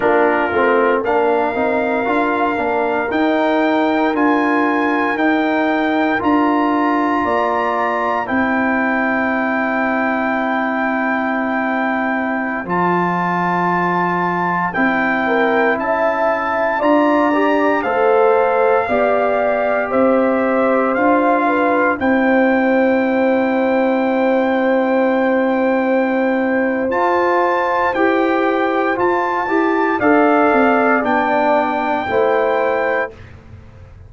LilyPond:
<<
  \new Staff \with { instrumentName = "trumpet" } { \time 4/4 \tempo 4 = 58 ais'4 f''2 g''4 | gis''4 g''4 ais''2 | g''1~ | g''16 a''2 g''4 a''8.~ |
a''16 ais''4 f''2 e''8.~ | e''16 f''4 g''2~ g''8.~ | g''2 a''4 g''4 | a''4 f''4 g''2 | }
  \new Staff \with { instrumentName = "horn" } { \time 4/4 f'4 ais'2.~ | ais'2. d''4 | c''1~ | c''2~ c''8. ais'8 e''8.~ |
e''16 d''4 c''4 d''4 c''8.~ | c''8. b'8 c''2~ c''8.~ | c''1~ | c''4 d''2 c''4 | }
  \new Staff \with { instrumentName = "trombone" } { \time 4/4 d'8 c'8 d'8 dis'8 f'8 d'8 dis'4 | f'4 dis'4 f'2 | e'1~ | e'16 f'2 e'4.~ e'16~ |
e'16 f'8 g'8 a'4 g'4.~ g'16~ | g'16 f'4 e'2~ e'8.~ | e'2 f'4 g'4 | f'8 g'8 a'4 d'4 e'4 | }
  \new Staff \with { instrumentName = "tuba" } { \time 4/4 ais8 a8 ais8 c'8 d'8 ais8 dis'4 | d'4 dis'4 d'4 ais4 | c'1~ | c'16 f2 c'4 cis'8.~ |
cis'16 d'4 a4 b4 c'8.~ | c'16 d'4 c'2~ c'8.~ | c'2 f'4 e'4 | f'8 e'8 d'8 c'8 b4 a4 | }
>>